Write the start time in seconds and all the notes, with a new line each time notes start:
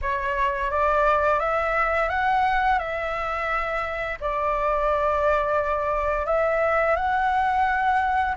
0.01 C#5
0.70 D5
1.40 E5
2.09 F#5
2.78 E5
4.20 D5
6.26 E5
6.96 F#5